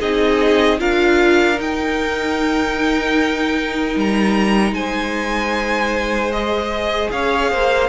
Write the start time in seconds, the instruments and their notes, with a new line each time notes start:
0.00 cello C4, viola D#4, violin G#4 D#5
0.79 cello D4, viola F4, violin A#4 F5
1.56 viola D#4, cello D#4, violin G5
3.96 cello G3, violin A#5
4.72 cello G#3, violin C5 G#5
6.32 viola G#4, violin D#5
7.11 cello C#4, violin C#5 F5
7.51 cello A#3, violin C5